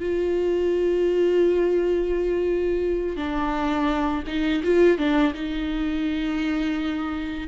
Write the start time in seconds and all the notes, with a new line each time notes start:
0.00 F4
3.17 D4
4.27 D#4
4.64 F4
4.98 D4
5.34 D#4